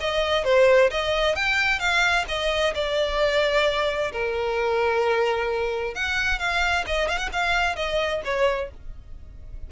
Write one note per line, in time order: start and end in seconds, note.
0.00 0.44 D#5
0.44 0.90 C5
0.91 1.35 D#5
1.35 1.79 G5
1.79 2.25 F5
2.28 2.74 D#5
2.74 4.12 D5
4.12 5.94 A#4
5.94 6.39 F#5
6.39 6.85 F5
6.87 7.08 D#5
7.08 7.18 F5
7.18 7.29 F#5
7.33 7.76 F5
7.76 8.22 D#5
8.24 8.70 C#5